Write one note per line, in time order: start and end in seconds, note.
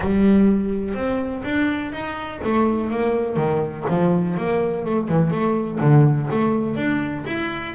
0.00 0.94 G3
0.94 1.42 C4
1.44 1.92 D4
1.92 2.40 D#4
2.43 2.90 A3
2.90 3.36 A#3
3.36 3.84 D#3
3.89 4.37 F3
4.37 4.85 A#3
4.85 5.08 A3
5.08 5.30 E3
5.30 5.79 A3
5.80 6.28 D3
6.30 6.75 A3
6.75 7.24 D4
7.26 7.74 E4